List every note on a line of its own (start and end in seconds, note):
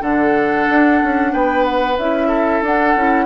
0.00 0.67 D3
0.00 1.96 D4
0.00 1.32 A4
0.00 1.33 F#5
0.69 1.02 D4
1.04 1.33 C#4
1.33 1.98 B3
1.33 2.28 B4
1.33 1.65 G5
1.65 1.97 F#5
1.98 2.62 C#4
1.98 2.65 E4
1.98 2.64 E5
2.28 3.26 A4
2.62 2.95 D4
2.62 2.97 D4
2.62 3.26 F#5
2.96 3.26 C#4
2.96 3.26 E4